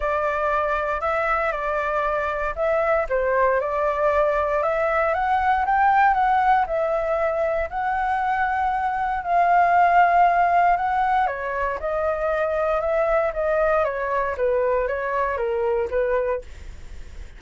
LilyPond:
\new Staff \with { instrumentName = "flute" } { \time 4/4 \tempo 4 = 117 d''2 e''4 d''4~ | d''4 e''4 c''4 d''4~ | d''4 e''4 fis''4 g''4 | fis''4 e''2 fis''4~ |
fis''2 f''2~ | f''4 fis''4 cis''4 dis''4~ | dis''4 e''4 dis''4 cis''4 | b'4 cis''4 ais'4 b'4 | }